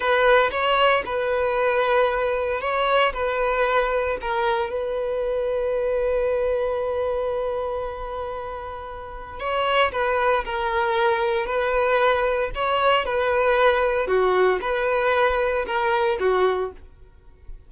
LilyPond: \new Staff \with { instrumentName = "violin" } { \time 4/4 \tempo 4 = 115 b'4 cis''4 b'2~ | b'4 cis''4 b'2 | ais'4 b'2.~ | b'1~ |
b'2 cis''4 b'4 | ais'2 b'2 | cis''4 b'2 fis'4 | b'2 ais'4 fis'4 | }